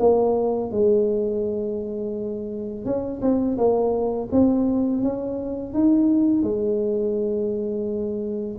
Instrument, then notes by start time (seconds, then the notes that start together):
tuba
0.00 A#3
0.71 G#3
2.85 C#4
3.22 C4
3.58 A#3
4.32 C4
5.03 C#4
5.74 D#4
6.43 G#3